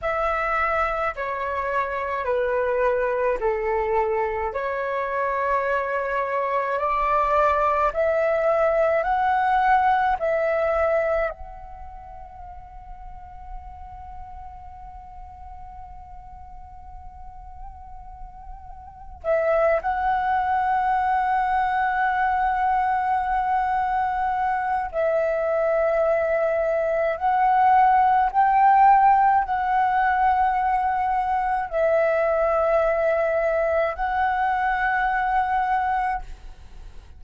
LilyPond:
\new Staff \with { instrumentName = "flute" } { \time 4/4 \tempo 4 = 53 e''4 cis''4 b'4 a'4 | cis''2 d''4 e''4 | fis''4 e''4 fis''2~ | fis''1~ |
fis''4 e''8 fis''2~ fis''8~ | fis''2 e''2 | fis''4 g''4 fis''2 | e''2 fis''2 | }